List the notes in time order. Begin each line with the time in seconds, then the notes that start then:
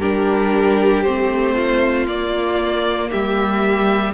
0.00 G3 D4 G4 A#4
1.03 A3 C4 C5
1.55 F4
2.07 A#3 D5
3.11 G3 G4 E5